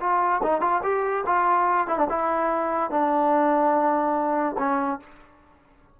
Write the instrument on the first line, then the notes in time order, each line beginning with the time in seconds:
trombone
0.00 F4
0.43 D#4
0.61 F4
0.83 G4
1.26 F4
1.87 E4
1.97 D4
2.09 E4
2.91 D4
4.58 C#4